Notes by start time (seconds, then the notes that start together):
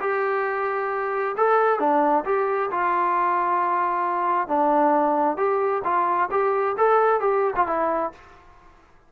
0.00 G4
1.37 A4
1.79 D4
2.25 G4
2.71 F4
4.48 D4
5.37 G4
5.84 F4
6.31 G4
6.78 A4
7.20 G4
7.56 F4
7.67 E4